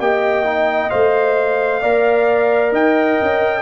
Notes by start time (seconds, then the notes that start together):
0.00 A#3 G4 D#5 G5
0.45 D#4
0.90 A3 C5 F5
1.82 A#3 A#4 D5
2.72 D#4 D#5 G5
3.22 C#4